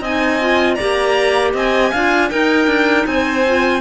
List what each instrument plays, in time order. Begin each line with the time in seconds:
0.00 cello C4, clarinet D#4 D#5, violin G#5
0.40 clarinet F4
0.75 cello A#3, clarinet G4 D5, violin A#5
1.53 cello C4, clarinet D#5, violin G#5
1.91 cello D4, clarinet F4 F5
2.30 clarinet D#4 A#4, cello D#4, violin G5
2.66 cello D4
3.06 cello C4, clarinet C5, violin G#5
3.46 clarinet F4